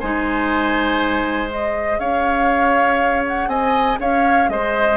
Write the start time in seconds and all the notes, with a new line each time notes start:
0.00 G#3 D#4 C5 G#5
1.48 G#4 D#5
1.99 C#4 C#5 F5
3.28 F#5
3.48 C4 D#5 G#5
4.00 C#4 C#5 F5
4.49 G#3 C5 D#5